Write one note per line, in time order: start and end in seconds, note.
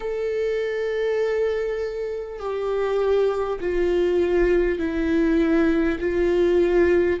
0.00 2.39 A4
2.39 3.59 G4
3.60 4.78 F4
4.78 5.98 E4
5.99 7.19 F4